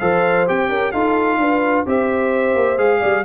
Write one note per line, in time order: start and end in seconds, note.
0.00 0.49 F3
0.00 0.47 A4
0.00 0.70 C5
0.00 0.47 F5
0.47 0.69 C4
0.47 0.94 G4
0.47 0.92 G5
0.69 0.92 C#4
0.69 0.93 A#4
0.92 1.38 D#4
0.92 1.87 F4
0.92 1.39 A4
0.92 1.85 F5
1.38 1.85 D4
1.38 1.88 B4
1.87 2.56 C4
1.87 2.78 G4
1.87 3.00 C5
1.87 2.79 E5
2.56 2.78 A#3
2.78 3.01 G#3
2.78 3.25 G#4
2.78 3.25 F5
3.00 3.25 G3
3.00 3.24 D5